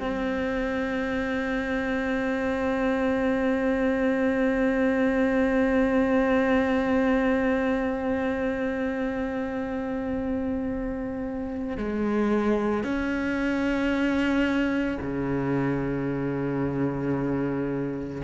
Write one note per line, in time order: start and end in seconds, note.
0.00 11.77 C4
11.77 12.84 G#3
12.84 14.98 C#4
15.01 18.23 C#3